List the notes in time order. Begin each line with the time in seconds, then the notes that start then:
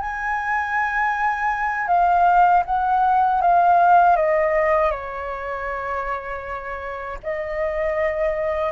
0.00 G#5
1.87 F5
2.65 F#5
3.41 F5
4.16 D#5
4.91 C#5
7.23 D#5